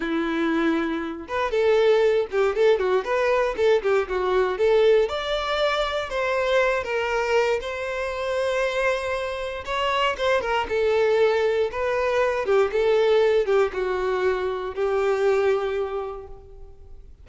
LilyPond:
\new Staff \with { instrumentName = "violin" } { \time 4/4 \tempo 4 = 118 e'2~ e'8 b'8 a'4~ | a'8 g'8 a'8 fis'8 b'4 a'8 g'8 | fis'4 a'4 d''2 | c''4. ais'4. c''4~ |
c''2. cis''4 | c''8 ais'8 a'2 b'4~ | b'8 g'8 a'4. g'8 fis'4~ | fis'4 g'2. | }